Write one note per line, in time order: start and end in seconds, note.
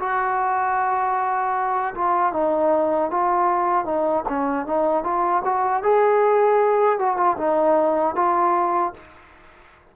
0.00 1.95 F#4
1.95 2.33 F4
2.33 3.11 D#4
3.11 3.86 F4
3.86 4.25 D#4
4.29 4.67 C#4
4.67 5.04 D#4
5.04 5.43 F4
5.45 5.83 F#4
5.83 7.00 G#4
7.00 7.18 F#4
7.18 7.37 F4
7.38 8.16 D#4
8.16 8.94 F4